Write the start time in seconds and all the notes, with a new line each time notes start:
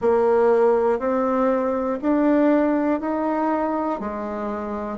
0.00 A#3
0.99 C4
2.01 D4
3.00 D#4
4.00 G#3